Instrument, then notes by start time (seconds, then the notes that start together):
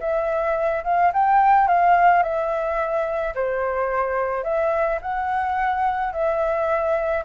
flute
0.00 E5
0.84 F5
1.13 G5
1.68 F5
2.23 E5
3.35 C5
4.43 E5
5.02 F#5
6.13 E5